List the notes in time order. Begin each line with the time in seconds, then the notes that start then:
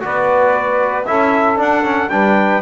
0.00 B3 F#4 B4 D5
1.05 C#4 E4 A4 E5
1.56 D4 F#5
1.82 C#4
2.09 G3 D4 B4 G5